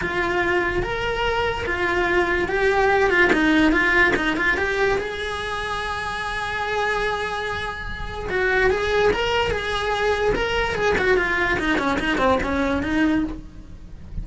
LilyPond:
\new Staff \with { instrumentName = "cello" } { \time 4/4 \tempo 4 = 145 f'2 ais'2 | f'2 g'4. f'8 | dis'4 f'4 dis'8 f'8 g'4 | gis'1~ |
gis'1 | fis'4 gis'4 ais'4 gis'4~ | gis'4 ais'4 gis'8 fis'8 f'4 | dis'8 cis'8 dis'8 c'8 cis'4 dis'4 | }